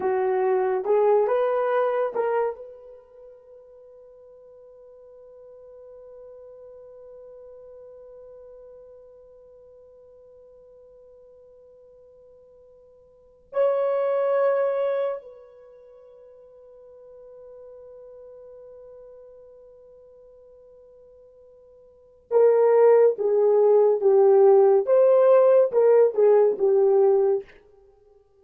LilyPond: \new Staff \with { instrumentName = "horn" } { \time 4/4 \tempo 4 = 70 fis'4 gis'8 b'4 ais'8 b'4~ | b'1~ | b'1~ | b'2.~ b'8. cis''16~ |
cis''4.~ cis''16 b'2~ b'16~ | b'1~ | b'2 ais'4 gis'4 | g'4 c''4 ais'8 gis'8 g'4 | }